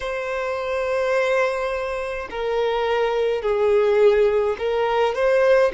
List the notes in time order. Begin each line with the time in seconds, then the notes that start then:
0.00 C5
2.30 A#4
3.42 G#4
4.58 A#4
5.14 C5